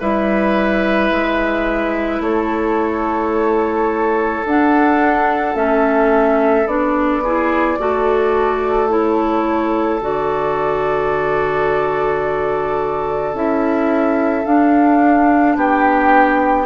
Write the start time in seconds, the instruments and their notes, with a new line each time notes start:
0.00 bassoon G3, clarinet E4, oboe B4, flute E5
1.11 bassoon G#3
2.21 bassoon A3, oboe A4, flute C#5
4.45 bassoon D4, clarinet D4, flute F#5
5.55 bassoon A3, clarinet C#4, flute E5
6.66 bassoon B3, clarinet D4, flute D5
7.23 clarinet E4, oboe G#4
7.79 bassoon A3, clarinet F#4, oboe A4
8.89 clarinet E4, flute C#5
10.01 bassoon D3, clarinet F#4, flute D5
13.34 bassoon C#4, clarinet E4, flute E5
14.45 clarinet D4, bassoon D4, flute F5
15.56 bassoon B3, oboe G4, flute G5